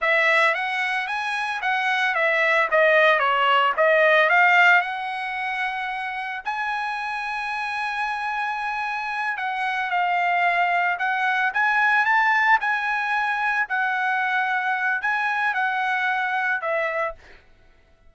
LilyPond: \new Staff \with { instrumentName = "trumpet" } { \time 4/4 \tempo 4 = 112 e''4 fis''4 gis''4 fis''4 | e''4 dis''4 cis''4 dis''4 | f''4 fis''2. | gis''1~ |
gis''4. fis''4 f''4.~ | f''8 fis''4 gis''4 a''4 gis''8~ | gis''4. fis''2~ fis''8 | gis''4 fis''2 e''4 | }